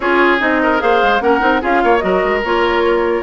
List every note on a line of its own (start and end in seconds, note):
0.00 0.40 C#4
0.00 0.39 F4
0.00 0.61 G#4
0.00 0.38 C#5
0.39 0.81 C4
0.39 0.78 D#4
0.39 0.80 D#5
0.63 0.82 A#4
0.78 1.02 A#3
0.78 1.19 G#4
0.78 1.22 C5
0.78 1.21 F5
1.03 1.21 G#3
1.20 1.41 A#3
1.20 1.40 C#4
1.20 1.61 A#4
1.20 1.61 F#5
1.40 1.61 C4
1.40 1.60 D#4
1.61 1.83 C#4
1.61 2.00 F4
1.61 1.82 G#4
1.61 1.99 F5
1.83 2.03 A#3
1.83 2.03 C#5
1.99 2.23 F#3
1.99 2.41 F#4
1.99 3.22 A#4
1.99 2.39 D#5
2.23 2.44 G#3
2.44 3.22 A#3
2.44 3.22 F4
2.44 3.22 C#5